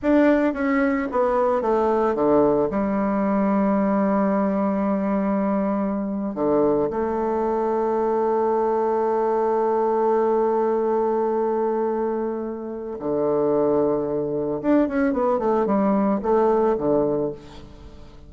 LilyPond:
\new Staff \with { instrumentName = "bassoon" } { \time 4/4 \tempo 4 = 111 d'4 cis'4 b4 a4 | d4 g2.~ | g2.~ g8. d16~ | d8. a2.~ a16~ |
a1~ | a1 | d2. d'8 cis'8 | b8 a8 g4 a4 d4 | }